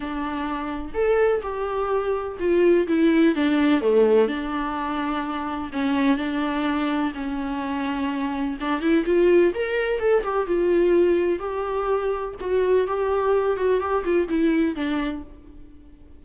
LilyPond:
\new Staff \with { instrumentName = "viola" } { \time 4/4 \tempo 4 = 126 d'2 a'4 g'4~ | g'4 f'4 e'4 d'4 | a4 d'2. | cis'4 d'2 cis'4~ |
cis'2 d'8 e'8 f'4 | ais'4 a'8 g'8 f'2 | g'2 fis'4 g'4~ | g'8 fis'8 g'8 f'8 e'4 d'4 | }